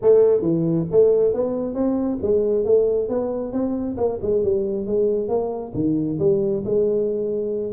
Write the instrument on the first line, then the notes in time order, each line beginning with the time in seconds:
tuba
0.01 A3
0.41 E3
0.91 A3
1.33 B3
1.74 C4
2.22 G#3
2.65 A3
3.09 B3
3.52 C4
3.97 A#3
4.21 G#3
4.43 G3
4.86 G#3
5.28 A#3
5.74 D#3
6.19 G3
6.64 G#3